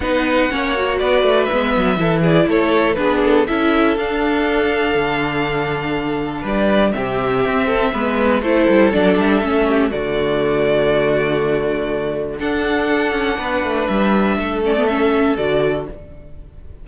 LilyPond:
<<
  \new Staff \with { instrumentName = "violin" } { \time 4/4 \tempo 4 = 121 fis''2 d''4 e''4~ | e''8 d''8 cis''4 b'8 a'8 e''4 | f''1~ | f''4 d''4 e''2~ |
e''4 c''4 d''8 e''4. | d''1~ | d''4 fis''2. | e''4. d''8 e''4 d''4 | }
  \new Staff \with { instrumentName = "violin" } { \time 4/4 b'4 cis''4 b'2 | a'8 gis'8 a'4 gis'4 a'4~ | a'1~ | a'4 b'4 g'4. a'8 |
b'4 a'2~ a'8 g'8 | fis'1~ | fis'4 a'2 b'4~ | b'4 a'2. | }
  \new Staff \with { instrumentName = "viola" } { \time 4/4 dis'4 cis'8 fis'4. b4 | e'2 d'4 e'4 | d'1~ | d'2 c'2 |
b4 e'4 d'4 cis'4 | a1~ | a4 d'2.~ | d'4. cis'16 b16 cis'4 fis'4 | }
  \new Staff \with { instrumentName = "cello" } { \time 4/4 b4 ais4 b8 a8 gis8 fis8 | e4 a4 b4 cis'4 | d'2 d2~ | d4 g4 c4 c'4 |
gis4 a8 g8 fis8 g8 a4 | d1~ | d4 d'4. cis'8 b8 a8 | g4 a2 d4 | }
>>